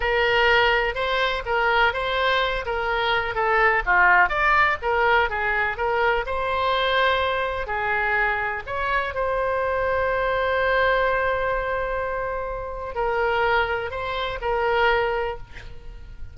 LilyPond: \new Staff \with { instrumentName = "oboe" } { \time 4/4 \tempo 4 = 125 ais'2 c''4 ais'4 | c''4. ais'4. a'4 | f'4 d''4 ais'4 gis'4 | ais'4 c''2. |
gis'2 cis''4 c''4~ | c''1~ | c''2. ais'4~ | ais'4 c''4 ais'2 | }